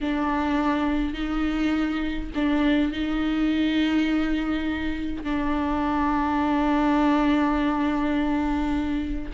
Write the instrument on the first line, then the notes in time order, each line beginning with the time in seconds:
viola
0.01 D4
1.13 D#4
2.35 D4
2.92 D#4
5.23 D4